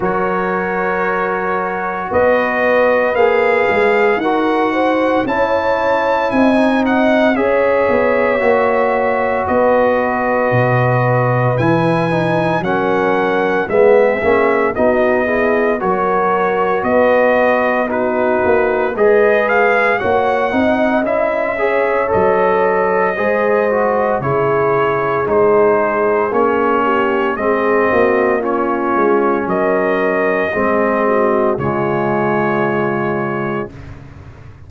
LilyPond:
<<
  \new Staff \with { instrumentName = "trumpet" } { \time 4/4 \tempo 4 = 57 cis''2 dis''4 f''4 | fis''4 a''4 gis''8 fis''8 e''4~ | e''4 dis''2 gis''4 | fis''4 e''4 dis''4 cis''4 |
dis''4 b'4 dis''8 f''8 fis''4 | e''4 dis''2 cis''4 | c''4 cis''4 dis''4 cis''4 | dis''2 cis''2 | }
  \new Staff \with { instrumentName = "horn" } { \time 4/4 ais'2 b'2 | ais'8 c''8 cis''4 dis''4 cis''4~ | cis''4 b'2. | ais'4 gis'4 fis'8 gis'8 ais'4 |
b'4 fis'4 b'4 cis''8 dis''8~ | dis''8 cis''4. c''4 gis'4~ | gis'4. g'8 gis'8 fis'8 f'4 | ais'4 gis'8 fis'8 f'2 | }
  \new Staff \with { instrumentName = "trombone" } { \time 4/4 fis'2. gis'4 | fis'4 e'4~ e'16 dis'8. gis'4 | fis'2. e'8 dis'8 | cis'4 b8 cis'8 dis'8 e'8 fis'4~ |
fis'4 dis'4 gis'4 fis'8 dis'8 | e'8 gis'8 a'4 gis'8 fis'8 e'4 | dis'4 cis'4 c'4 cis'4~ | cis'4 c'4 gis2 | }
  \new Staff \with { instrumentName = "tuba" } { \time 4/4 fis2 b4 ais8 gis8 | dis'4 cis'4 c'4 cis'8 b8 | ais4 b4 b,4 e4 | fis4 gis8 ais8 b4 fis4 |
b4. ais8 gis4 ais8 c'8 | cis'4 fis4 gis4 cis4 | gis4 ais4 gis8 ais4 gis8 | fis4 gis4 cis2 | }
>>